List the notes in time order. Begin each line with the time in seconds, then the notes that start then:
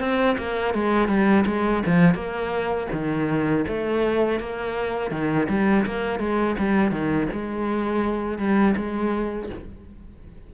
0.00 C4
0.38 A#3
0.75 G#3
1.08 G3
1.46 G#3
1.86 F3
2.15 A#3
2.92 D#3
3.68 A3
4.40 A#3
5.11 D#3
5.49 G3
5.86 A#3
6.19 G#3
6.59 G3
6.91 D#3
7.32 G#3
8.38 G3
8.77 G#3